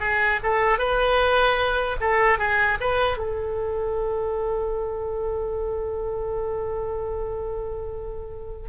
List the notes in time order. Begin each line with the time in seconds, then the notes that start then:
0.00 G#4
0.43 A4
0.78 B4
2.00 A4
2.38 G#4
2.80 B4
3.18 A4